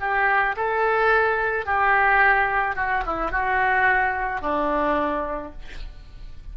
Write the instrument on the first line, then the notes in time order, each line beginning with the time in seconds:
oboe
0.00 G4
0.57 A4
1.66 G4
2.76 F#4
3.06 E4
3.31 F#4
4.41 D4